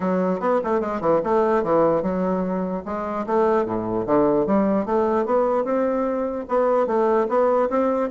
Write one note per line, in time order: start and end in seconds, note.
0.00 0.40 F#3
0.40 0.60 B3
0.64 0.80 A3
0.80 1.00 G#3
1.00 1.21 E3
1.23 1.63 A3
1.63 2.02 E3
2.02 2.83 F#3
2.85 3.25 G#3
3.26 3.65 A3
3.65 4.06 A2
4.06 4.46 D3
4.46 4.85 G3
4.85 5.25 A3
5.25 5.64 B3
5.64 6.45 C4
6.48 6.86 B3
6.86 7.27 A3
7.28 7.69 B3
7.69 8.10 C4